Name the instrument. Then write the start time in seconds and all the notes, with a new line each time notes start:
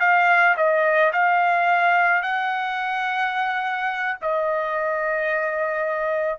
trumpet
0.00 F5
0.57 D#5
1.13 F5
2.22 F#5
4.21 D#5